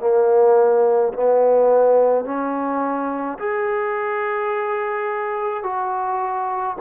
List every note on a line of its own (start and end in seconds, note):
0.00 1.13 A#3
1.13 2.25 B3
2.25 3.38 C#4
3.39 5.63 G#4
5.63 6.77 F#4